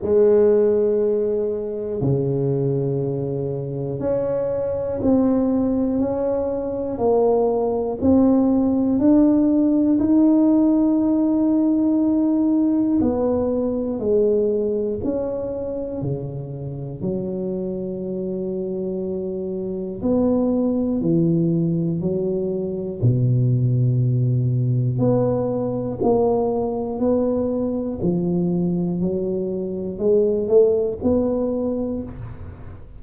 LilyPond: \new Staff \with { instrumentName = "tuba" } { \time 4/4 \tempo 4 = 60 gis2 cis2 | cis'4 c'4 cis'4 ais4 | c'4 d'4 dis'2~ | dis'4 b4 gis4 cis'4 |
cis4 fis2. | b4 e4 fis4 b,4~ | b,4 b4 ais4 b4 | f4 fis4 gis8 a8 b4 | }